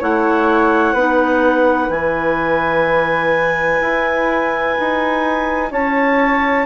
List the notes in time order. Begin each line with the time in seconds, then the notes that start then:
0.00 A3 E4 C#5 F#5
0.94 B3 D#4 B4
1.89 E3 E4 G#5
3.81 E4
4.80 D#4
5.71 C#4 C#5 A5